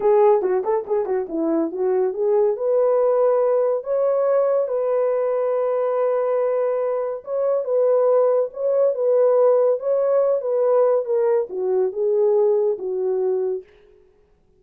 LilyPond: \new Staff \with { instrumentName = "horn" } { \time 4/4 \tempo 4 = 141 gis'4 fis'8 a'8 gis'8 fis'8 e'4 | fis'4 gis'4 b'2~ | b'4 cis''2 b'4~ | b'1~ |
b'4 cis''4 b'2 | cis''4 b'2 cis''4~ | cis''8 b'4. ais'4 fis'4 | gis'2 fis'2 | }